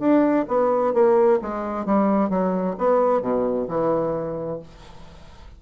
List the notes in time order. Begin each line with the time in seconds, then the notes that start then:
0.00 D4
0.48 B3
0.94 A#3
1.42 G#3
1.86 G3
2.30 F#3
2.78 B3
3.22 B2
3.68 E3